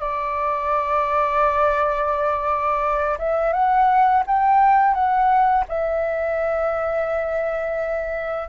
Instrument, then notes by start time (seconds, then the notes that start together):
flute
0.00 D5
3.18 E5
3.53 F#5
4.26 G5
4.93 F#5
5.68 E5